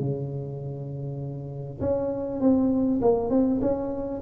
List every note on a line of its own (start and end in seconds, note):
0.00 1.80 C#3
1.80 2.40 C#4
2.40 3.00 C4
3.01 3.30 A#3
3.30 3.60 C4
3.61 4.21 C#4